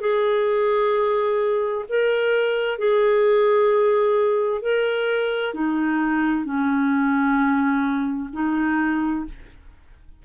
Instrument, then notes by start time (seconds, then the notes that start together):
clarinet
0.00 G#4
1.88 A#4
2.78 G#4
4.62 A#4
5.54 D#4
6.44 C#4
8.32 D#4